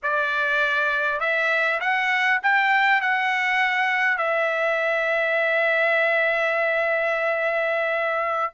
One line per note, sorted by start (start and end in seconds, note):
0.02 1.19 D5
1.19 1.79 E5
1.80 2.40 F#5
2.42 3.01 G5
3.01 4.17 F#5
4.17 8.52 E5